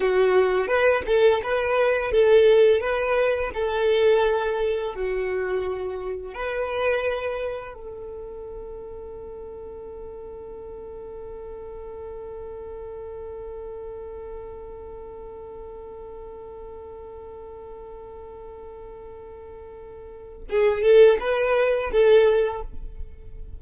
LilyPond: \new Staff \with { instrumentName = "violin" } { \time 4/4 \tempo 4 = 85 fis'4 b'8 a'8 b'4 a'4 | b'4 a'2 fis'4~ | fis'4 b'2 a'4~ | a'1~ |
a'1~ | a'1~ | a'1~ | a'4 gis'8 a'8 b'4 a'4 | }